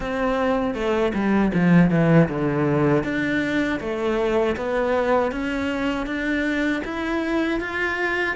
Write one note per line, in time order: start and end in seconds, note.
0.00 0.74 C4
0.74 1.12 A3
1.14 1.52 G3
1.54 1.90 F3
1.90 2.28 E3
2.28 3.03 D3
3.03 3.79 D4
3.80 4.56 A3
4.56 5.31 B3
5.31 6.06 C#4
6.06 6.82 D4
6.84 7.60 E4
7.60 8.36 F4